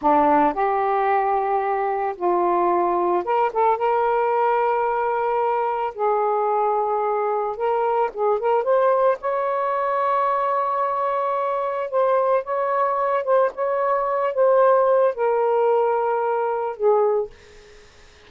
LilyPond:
\new Staff \with { instrumentName = "saxophone" } { \time 4/4 \tempo 4 = 111 d'4 g'2. | f'2 ais'8 a'8 ais'4~ | ais'2. gis'4~ | gis'2 ais'4 gis'8 ais'8 |
c''4 cis''2.~ | cis''2 c''4 cis''4~ | cis''8 c''8 cis''4. c''4. | ais'2. gis'4 | }